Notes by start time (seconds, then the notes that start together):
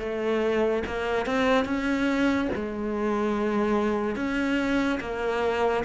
0.00 A3
0.87 A#3
1.26 C4
1.66 C#4
2.56 G#3
4.16 C#4
5.01 A#3